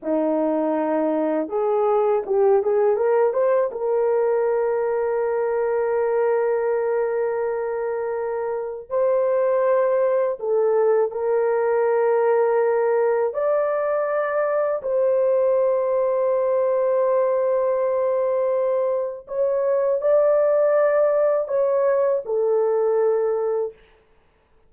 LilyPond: \new Staff \with { instrumentName = "horn" } { \time 4/4 \tempo 4 = 81 dis'2 gis'4 g'8 gis'8 | ais'8 c''8 ais'2.~ | ais'1 | c''2 a'4 ais'4~ |
ais'2 d''2 | c''1~ | c''2 cis''4 d''4~ | d''4 cis''4 a'2 | }